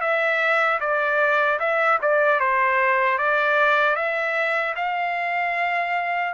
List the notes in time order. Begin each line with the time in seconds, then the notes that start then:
0.00 E5
0.80 D5
1.59 E5
2.02 D5
2.39 C5
3.18 D5
3.95 E5
4.75 F5